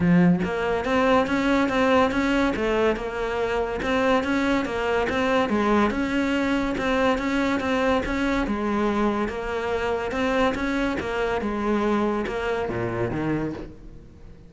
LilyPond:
\new Staff \with { instrumentName = "cello" } { \time 4/4 \tempo 4 = 142 f4 ais4 c'4 cis'4 | c'4 cis'4 a4 ais4~ | ais4 c'4 cis'4 ais4 | c'4 gis4 cis'2 |
c'4 cis'4 c'4 cis'4 | gis2 ais2 | c'4 cis'4 ais4 gis4~ | gis4 ais4 ais,4 dis4 | }